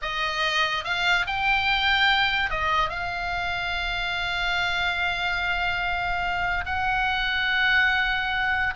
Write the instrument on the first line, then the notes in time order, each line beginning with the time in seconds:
oboe
0.02 D#5
0.84 F5
1.26 G5
2.50 D#5
2.89 F5
6.65 F#5